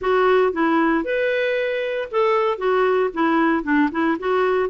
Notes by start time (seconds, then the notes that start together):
0.01 F#4
0.52 E4
1.04 B4
2.11 A4
2.58 F#4
3.13 E4
3.63 D4
3.91 E4
4.19 F#4